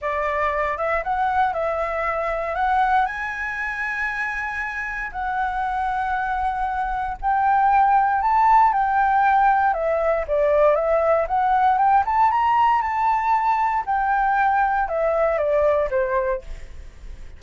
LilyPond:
\new Staff \with { instrumentName = "flute" } { \time 4/4 \tempo 4 = 117 d''4. e''8 fis''4 e''4~ | e''4 fis''4 gis''2~ | gis''2 fis''2~ | fis''2 g''2 |
a''4 g''2 e''4 | d''4 e''4 fis''4 g''8 a''8 | ais''4 a''2 g''4~ | g''4 e''4 d''4 c''4 | }